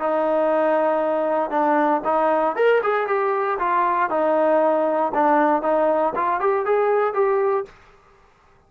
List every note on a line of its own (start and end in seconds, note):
0.00 1.51 D#4
1.51 2.02 D4
2.05 2.56 D#4
2.56 2.82 A#4
2.83 3.07 G#4
3.07 3.59 G4
3.59 4.10 F4
4.10 5.13 D#4
5.15 5.62 D4
5.62 6.14 D#4
6.16 6.41 F4
6.41 6.66 G4
6.66 7.14 G#4
7.14 7.65 G4